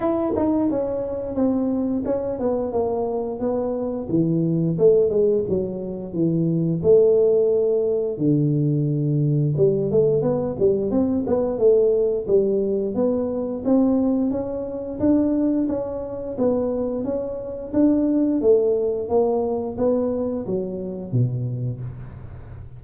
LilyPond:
\new Staff \with { instrumentName = "tuba" } { \time 4/4 \tempo 4 = 88 e'8 dis'8 cis'4 c'4 cis'8 b8 | ais4 b4 e4 a8 gis8 | fis4 e4 a2 | d2 g8 a8 b8 g8 |
c'8 b8 a4 g4 b4 | c'4 cis'4 d'4 cis'4 | b4 cis'4 d'4 a4 | ais4 b4 fis4 b,4 | }